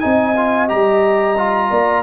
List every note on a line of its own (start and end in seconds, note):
0.00 0.71 C4
0.00 0.35 D#4
0.00 1.71 D#5
0.00 0.67 G#5
0.37 0.68 F4
0.68 1.71 G3
0.68 1.36 G4
0.68 2.03 A#5
1.37 2.03 F4
1.71 2.03 A#3
1.71 2.03 D5